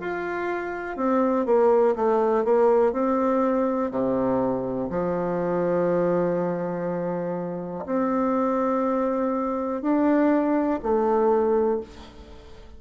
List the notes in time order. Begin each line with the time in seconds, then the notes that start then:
0.00 F4
0.97 C4
1.46 A#3
1.96 A3
2.45 A#3
2.92 C4
3.91 C3
4.90 F3
7.86 C4
9.82 D4
10.82 A3